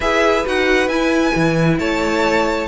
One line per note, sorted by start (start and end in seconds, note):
0.00 0.45 E4
0.00 0.45 G#4
0.00 1.79 B4
0.00 0.45 E5
0.45 0.87 D#4
0.45 0.89 F#4
0.45 0.88 F#5
0.87 1.32 E4
0.87 2.68 E4
0.87 1.77 G#5
1.35 1.79 E3
1.79 2.68 A3
1.79 2.68 C#5
1.79 2.68 A5